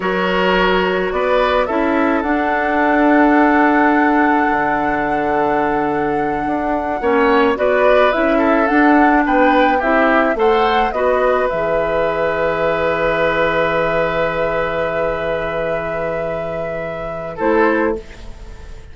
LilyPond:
<<
  \new Staff \with { instrumentName = "flute" } { \time 4/4 \tempo 4 = 107 cis''2 d''4 e''4 | fis''1~ | fis''1~ | fis''4. d''4 e''4 fis''8~ |
fis''8 g''4 e''4 fis''4 dis''8~ | dis''8 e''2.~ e''8~ | e''1~ | e''2. c''4 | }
  \new Staff \with { instrumentName = "oboe" } { \time 4/4 ais'2 b'4 a'4~ | a'1~ | a'1~ | a'8 cis''4 b'4. a'4~ |
a'8 b'4 g'4 c''4 b'8~ | b'1~ | b'1~ | b'2. a'4 | }
  \new Staff \with { instrumentName = "clarinet" } { \time 4/4 fis'2. e'4 | d'1~ | d'1~ | d'8 cis'4 fis'4 e'4 d'8~ |
d'4. e'4 a'4 fis'8~ | fis'8 gis'2.~ gis'8~ | gis'1~ | gis'2. e'4 | }
  \new Staff \with { instrumentName = "bassoon" } { \time 4/4 fis2 b4 cis'4 | d'1 | d2.~ d8 d'8~ | d'8 ais4 b4 cis'4 d'8~ |
d'8 b4 c'4 a4 b8~ | b8 e2.~ e8~ | e1~ | e2. a4 | }
>>